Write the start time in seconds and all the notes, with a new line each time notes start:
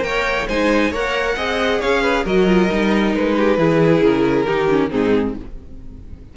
0.00 A#3 A#4 G5
0.06 C#5
0.48 G#3 D#4 C5 G#5
0.91 A#3 A#4 C#5 F#5
1.36 C4 G#4 D#5
1.80 C#4 C#5 F5
2.02 B4
2.24 F#3 F#4 A#4 D#5
2.47 F4
2.71 G3 D#4
3.14 G#3 B4
3.37 G4
3.58 E3 E4 G#4
4.02 C#3 A#4
4.46 D#3 D#4 G4
4.69 C#4
4.91 G#2 C4 D#4 G#4